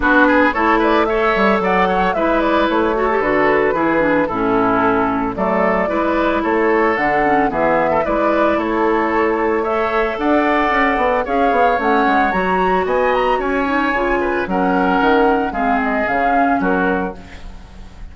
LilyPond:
<<
  \new Staff \with { instrumentName = "flute" } { \time 4/4 \tempo 4 = 112 b'4 cis''8 d''8 e''4 fis''4 | e''8 d''8 cis''4 b'2 | a'2 d''2 | cis''4 fis''4 e''4 d''4 |
cis''2 e''4 fis''4~ | fis''4 f''4 fis''4 ais''4 | gis''8 ais''8 gis''2 fis''4~ | fis''4 f''8 dis''8 f''4 ais'4 | }
  \new Staff \with { instrumentName = "oboe" } { \time 4/4 fis'8 gis'8 a'8 b'8 cis''4 d''8 cis''8 | b'4. a'4. gis'4 | e'2 a'4 b'4 | a'2 gis'8. a'16 b'4 |
a'2 cis''4 d''4~ | d''4 cis''2. | dis''4 cis''4. b'8 ais'4~ | ais'4 gis'2 fis'4 | }
  \new Staff \with { instrumentName = "clarinet" } { \time 4/4 d'4 e'4 a'2 | e'4. fis'16 g'16 fis'4 e'8 d'8 | cis'2 a4 e'4~ | e'4 d'8 cis'8 b4 e'4~ |
e'2 a'2~ | a'4 gis'4 cis'4 fis'4~ | fis'4. dis'8 f'4 cis'4~ | cis'4 c'4 cis'2 | }
  \new Staff \with { instrumentName = "bassoon" } { \time 4/4 b4 a4. g8 fis4 | gis4 a4 d4 e4 | a,2 fis4 gis4 | a4 d4 e4 gis4 |
a2. d'4 | cis'8 b8 cis'8 b8 a8 gis8 fis4 | b4 cis'4 cis4 fis4 | dis4 gis4 cis4 fis4 | }
>>